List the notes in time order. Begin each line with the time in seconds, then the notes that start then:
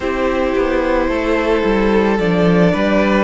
0.00 C4 E4 G4 C5
0.55 B3
1.08 A3 A4
1.64 G3
2.18 F3 D4 D5
2.72 G3 B4